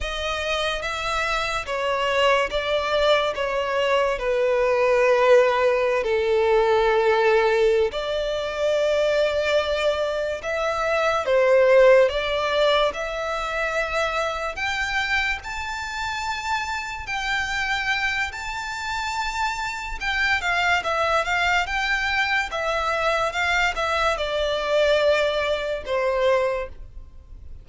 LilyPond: \new Staff \with { instrumentName = "violin" } { \time 4/4 \tempo 4 = 72 dis''4 e''4 cis''4 d''4 | cis''4 b'2~ b'16 a'8.~ | a'4. d''2~ d''8~ | d''8 e''4 c''4 d''4 e''8~ |
e''4. g''4 a''4.~ | a''8 g''4. a''2 | g''8 f''8 e''8 f''8 g''4 e''4 | f''8 e''8 d''2 c''4 | }